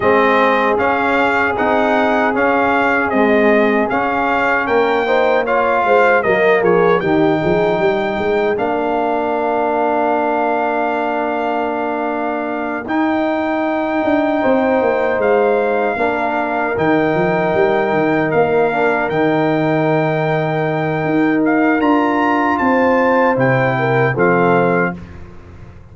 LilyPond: <<
  \new Staff \with { instrumentName = "trumpet" } { \time 4/4 \tempo 4 = 77 dis''4 f''4 fis''4 f''4 | dis''4 f''4 g''4 f''4 | dis''8 cis''8 g''2 f''4~ | f''1~ |
f''8 g''2. f''8~ | f''4. g''2 f''8~ | f''8 g''2. f''8 | ais''4 a''4 g''4 f''4 | }
  \new Staff \with { instrumentName = "horn" } { \time 4/4 gis'1~ | gis'2 ais'8 c''8 cis''8 c''8 | ais'8 gis'8 g'8 gis'8 ais'2~ | ais'1~ |
ais'2~ ais'8 c''4.~ | c''8 ais'2.~ ais'8~ | ais'1~ | ais'4 c''4. ais'8 a'4 | }
  \new Staff \with { instrumentName = "trombone" } { \time 4/4 c'4 cis'4 dis'4 cis'4 | gis4 cis'4. dis'8 f'4 | ais4 dis'2 d'4~ | d'1~ |
d'8 dis'2.~ dis'8~ | dis'8 d'4 dis'2~ dis'8 | d'8 dis'2.~ dis'8 | f'2 e'4 c'4 | }
  \new Staff \with { instrumentName = "tuba" } { \time 4/4 gis4 cis'4 c'4 cis'4 | c'4 cis'4 ais4. gis8 | fis8 f8 dis8 f8 g8 gis8 ais4~ | ais1~ |
ais8 dis'4. d'8 c'8 ais8 gis8~ | gis8 ais4 dis8 f8 g8 dis8 ais8~ | ais8 dis2~ dis8 dis'4 | d'4 c'4 c4 f4 | }
>>